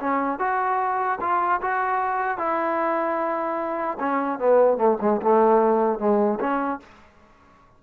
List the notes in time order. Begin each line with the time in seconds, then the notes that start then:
0.00 C#4
0.39 F#4
1.21 F4
1.61 F#4
2.38 E4
3.99 C#4
4.39 B3
4.78 A3
5.01 G#3
5.22 A3
5.99 G#3
6.40 C#4